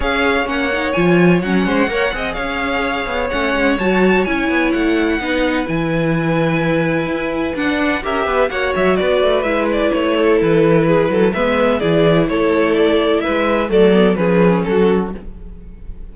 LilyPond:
<<
  \new Staff \with { instrumentName = "violin" } { \time 4/4 \tempo 4 = 127 f''4 fis''4 gis''4 fis''4~ | fis''4 f''2 fis''4 | a''4 gis''4 fis''2 | gis''1 |
fis''4 e''4 fis''8 e''8 d''4 | e''8 d''8 cis''4 b'2 | e''4 d''4 cis''4 d''4 | e''4 d''4 b'4 a'4 | }
  \new Staff \with { instrumentName = "violin" } { \time 4/4 cis''2.~ cis''8 c''8 | cis''8 dis''8 cis''2.~ | cis''2. b'4~ | b'1~ |
b'4 ais'8 b'8 cis''4 b'4~ | b'4. a'4. gis'8 a'8 | b'4 gis'4 a'2 | b'4 a'4 gis'4 fis'4 | }
  \new Staff \with { instrumentName = "viola" } { \time 4/4 gis'4 cis'8 dis'8 f'4 cis'4 | ais'8 gis'2~ gis'8 cis'4 | fis'4 e'2 dis'4 | e'1 |
d'4 g'4 fis'2 | e'1 | b4 e'2.~ | e'4 a8 b8 cis'2 | }
  \new Staff \with { instrumentName = "cello" } { \time 4/4 cis'4 ais4 f4 fis8 gis8 | ais8 c'8 cis'4. b8 a8 gis8 | fis4 cis'8 b8 a4 b4 | e2. e'4 |
d'4 cis'8 b8 ais8 fis8 b8 a8 | gis4 a4 e4. fis8 | gis4 e4 a2 | gis4 fis4 f4 fis4 | }
>>